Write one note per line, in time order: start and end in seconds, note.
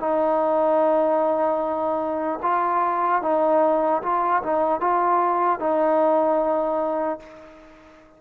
0.00 2.40 D#4
2.43 3.23 F4
3.23 4.03 D#4
4.03 4.43 F4
4.43 4.81 D#4
4.81 5.60 F4
5.60 7.20 D#4